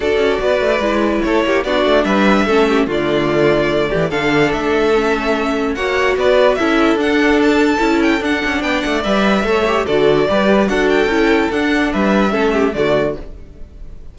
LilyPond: <<
  \new Staff \with { instrumentName = "violin" } { \time 4/4 \tempo 4 = 146 d''2. cis''4 | d''4 e''2 d''4~ | d''2 f''4 e''4~ | e''2 fis''4 d''4 |
e''4 fis''4 a''4. g''8 | fis''4 g''8 fis''8 e''2 | d''2 fis''8 g''4. | fis''4 e''2 d''4 | }
  \new Staff \with { instrumentName = "violin" } { \time 4/4 a'4 b'2 a'8 g'8 | fis'4 b'4 a'8 g'8 f'4~ | f'4. g'8 a'2~ | a'2 cis''4 b'4 |
a'1~ | a'4 d''2 cis''4 | a'4 b'4 a'2~ | a'4 b'4 a'8 g'8 fis'4 | }
  \new Staff \with { instrumentName = "viola" } { \time 4/4 fis'2 e'2 | d'2 cis'4 a4~ | a2 d'2 | cis'2 fis'2 |
e'4 d'2 e'4 | d'2 b'4 a'8 g'8 | fis'4 g'4 fis'4 e'4 | d'2 cis'4 a4 | }
  \new Staff \with { instrumentName = "cello" } { \time 4/4 d'8 cis'8 b8 a8 gis4 a8 ais8 | b8 a8 g4 a4 d4~ | d4. e8 d4 a4~ | a2 ais4 b4 |
cis'4 d'2 cis'4 | d'8 cis'8 b8 a8 g4 a4 | d4 g4 d'4 cis'4 | d'4 g4 a4 d4 | }
>>